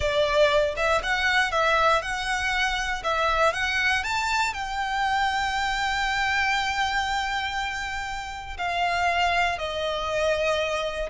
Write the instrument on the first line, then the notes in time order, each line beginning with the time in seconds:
violin
0.00 D5
0.76 E5
1.02 F#5
1.51 E5
2.01 F#5
3.03 E5
3.53 F#5
4.03 A5
4.53 G5
8.57 F5
9.58 D#5